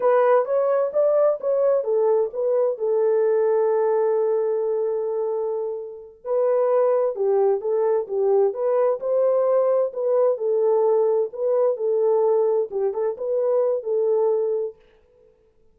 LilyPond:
\new Staff \with { instrumentName = "horn" } { \time 4/4 \tempo 4 = 130 b'4 cis''4 d''4 cis''4 | a'4 b'4 a'2~ | a'1~ | a'4. b'2 g'8~ |
g'8 a'4 g'4 b'4 c''8~ | c''4. b'4 a'4.~ | a'8 b'4 a'2 g'8 | a'8 b'4. a'2 | }